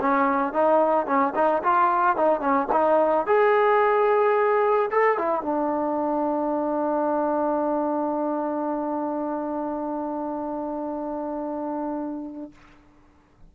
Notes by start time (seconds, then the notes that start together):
0.00 C#4
0.53 D#4
1.06 C#4
1.35 D#4
1.63 F4
2.16 D#4
2.40 C#4
2.72 D#4
3.26 G#4
4.91 A4
5.18 E4
5.42 D4